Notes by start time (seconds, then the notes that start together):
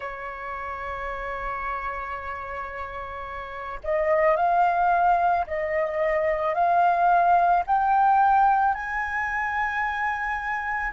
0.00 C#5
3.83 D#5
4.36 F5
5.46 D#5
6.54 F5
7.66 G5
8.74 G#5